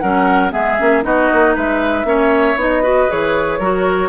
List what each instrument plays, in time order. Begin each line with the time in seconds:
0.00 bassoon F#3, clarinet C#4, oboe A#4, flute F#5
0.51 bassoon G#3, clarinet B3, oboe G#4, flute E5
0.79 bassoon A#3, clarinet C#4
1.03 bassoon B3, clarinet D#4, oboe F#4, flute D#5
1.33 bassoon A#3
1.55 bassoon G#3, oboe B4, flute E5
2.05 bassoon A#3, clarinet C#4, oboe C#5
2.56 bassoon B3, clarinet D#4, flute D#5
2.83 clarinet F#4, oboe B4
3.09 bassoon E3, clarinet G#4, flute C#5
3.59 bassoon F#3, clarinet F#4, oboe A#4